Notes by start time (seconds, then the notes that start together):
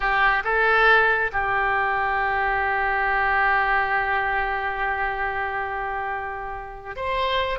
0.00 G4
0.44 A4
1.32 G4
6.96 C5